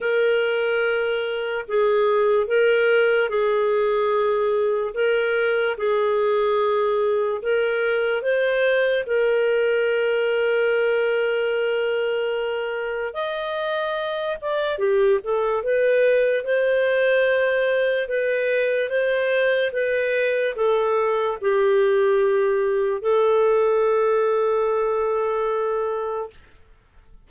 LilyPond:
\new Staff \with { instrumentName = "clarinet" } { \time 4/4 \tempo 4 = 73 ais'2 gis'4 ais'4 | gis'2 ais'4 gis'4~ | gis'4 ais'4 c''4 ais'4~ | ais'1 |
dis''4. d''8 g'8 a'8 b'4 | c''2 b'4 c''4 | b'4 a'4 g'2 | a'1 | }